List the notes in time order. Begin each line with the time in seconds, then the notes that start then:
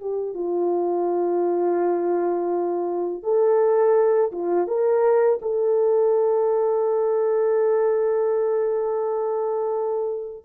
0.00 G4
0.34 F4
3.23 A4
4.32 F4
4.67 A#4
5.42 A4